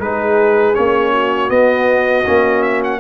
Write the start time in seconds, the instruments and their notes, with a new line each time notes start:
0.00 tuba G#3, trombone D#4, horn G#4, trumpet B4
0.75 tuba A#3, trombone C#4, trumpet C#5
1.12 horn F#4
1.49 trombone B3, tuba B3, trumpet D#5
2.26 tuba A#3, trombone C#4
2.63 trumpet E5
2.84 trumpet F#5